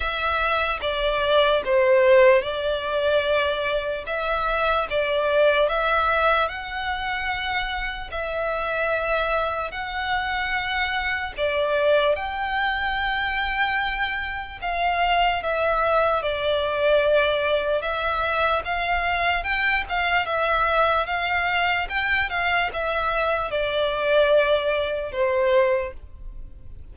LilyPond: \new Staff \with { instrumentName = "violin" } { \time 4/4 \tempo 4 = 74 e''4 d''4 c''4 d''4~ | d''4 e''4 d''4 e''4 | fis''2 e''2 | fis''2 d''4 g''4~ |
g''2 f''4 e''4 | d''2 e''4 f''4 | g''8 f''8 e''4 f''4 g''8 f''8 | e''4 d''2 c''4 | }